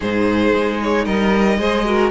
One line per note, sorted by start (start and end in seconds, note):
0.00 0.53 G#2
0.00 1.58 D#4
0.00 1.02 G#4
0.00 0.80 C5
0.53 1.05 G#3
0.82 1.05 C#5
1.04 1.58 G3
1.04 1.57 A#4
1.04 2.11 D#5
1.58 2.11 G#3
1.58 1.85 G#4
1.58 1.85 C5
1.85 2.11 F#4
1.85 2.11 A#4